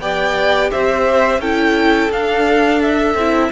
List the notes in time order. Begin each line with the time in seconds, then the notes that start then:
0.00 B3 G4 D5 G5
0.72 C4 C5 E5
1.39 C#4 E4 A4 G5
2.10 D4 F5
2.82 E5
3.15 C4 E4